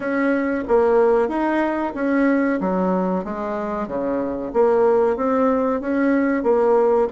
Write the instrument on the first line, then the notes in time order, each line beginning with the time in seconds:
bassoon
0.00 C#4
0.68 A#3
1.28 D#4
1.94 C#4
2.60 F#3
3.24 G#3
3.87 C#3
4.53 A#3
5.16 C4
5.81 C#4
6.43 A#3